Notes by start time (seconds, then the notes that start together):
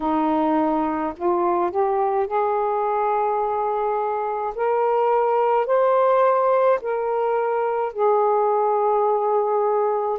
0.00 D#4
1.16 F4
1.70 G4
2.26 G#4
4.55 A#4
5.66 C5
6.81 A#4
7.92 G#4